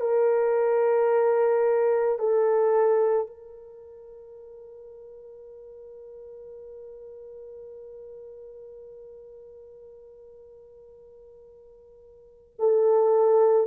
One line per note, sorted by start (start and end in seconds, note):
0.00 2.18 A#4
2.19 3.26 A4
3.26 12.54 A#4
12.59 13.67 A4